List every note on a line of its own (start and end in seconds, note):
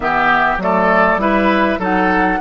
0.00 0.57 E3
0.00 0.59 B3
0.00 0.62 G4
0.00 0.58 E5
0.57 1.16 F#3
0.57 1.19 A3
0.57 1.21 A4
0.57 1.19 D5
1.16 1.76 G3
1.16 1.79 E4
1.16 1.79 B4
1.16 1.79 E5
1.79 2.39 F#3
1.79 2.39 D#4
1.79 2.39 A4
1.79 2.41 F#5